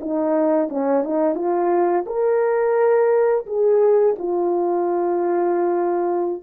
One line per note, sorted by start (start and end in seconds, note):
0.00 0.69 D#4
0.69 1.04 C#4
1.04 1.35 D#4
1.35 2.05 F4
2.06 3.46 A#4
3.46 4.16 G#4
4.19 6.42 F4